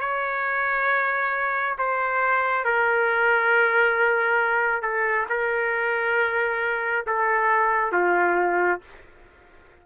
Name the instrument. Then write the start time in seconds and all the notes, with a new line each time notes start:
trumpet
0.00 C#5
1.78 C5
2.65 A#4
4.82 A4
5.29 A#4
7.06 A4
7.92 F4